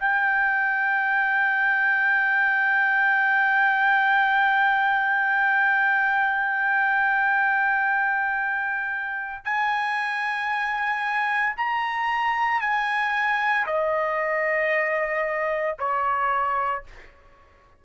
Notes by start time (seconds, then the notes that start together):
0.00 G5
9.45 G#5
11.57 A#5
12.61 G#5
13.67 D#5
15.79 C#5